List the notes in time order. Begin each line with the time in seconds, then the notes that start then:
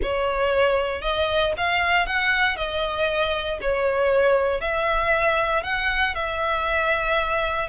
0.02 C#5
1.01 D#5
1.57 F5
2.06 F#5
2.56 D#5
3.61 C#5
4.61 E5
5.63 F#5
6.14 E5